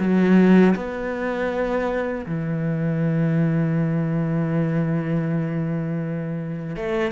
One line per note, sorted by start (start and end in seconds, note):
0.00 0.75 F#3
0.76 2.26 B3
2.26 6.76 E3
6.76 7.12 A3